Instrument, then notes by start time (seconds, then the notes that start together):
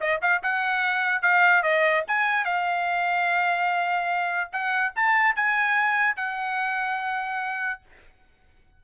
trumpet
0.00 D#5
0.21 F5
0.43 F#5
1.22 F5
1.63 D#5
2.07 G#5
2.45 F5
4.52 F#5
4.95 A5
5.35 G#5
6.16 F#5